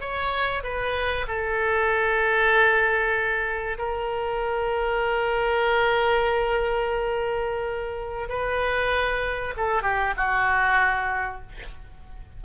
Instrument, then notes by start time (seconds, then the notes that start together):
oboe
0.00 C#5
0.63 B4
1.27 A4
3.78 A#4
8.28 B4
9.57 A4
9.82 G4
10.16 F#4